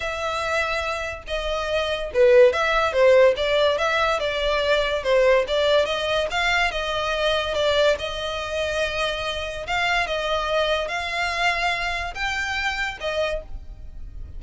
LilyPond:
\new Staff \with { instrumentName = "violin" } { \time 4/4 \tempo 4 = 143 e''2. dis''4~ | dis''4 b'4 e''4 c''4 | d''4 e''4 d''2 | c''4 d''4 dis''4 f''4 |
dis''2 d''4 dis''4~ | dis''2. f''4 | dis''2 f''2~ | f''4 g''2 dis''4 | }